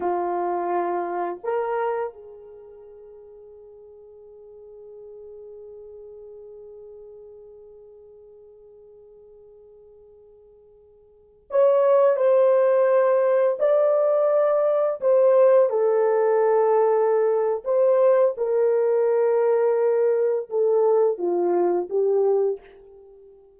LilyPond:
\new Staff \with { instrumentName = "horn" } { \time 4/4 \tempo 4 = 85 f'2 ais'4 gis'4~ | gis'1~ | gis'1~ | gis'1~ |
gis'16 cis''4 c''2 d''8.~ | d''4~ d''16 c''4 a'4.~ a'16~ | a'4 c''4 ais'2~ | ais'4 a'4 f'4 g'4 | }